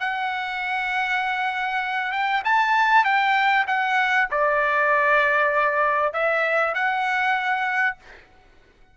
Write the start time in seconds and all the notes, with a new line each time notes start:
0.00 F#5
2.12 G5
2.44 A5
3.04 G5
3.67 F#5
4.31 D5
6.13 E5
6.74 F#5